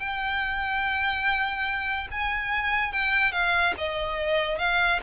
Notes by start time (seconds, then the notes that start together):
0.00 G5
2.12 G#5
2.92 G5
3.33 F5
3.78 D#5
4.59 F5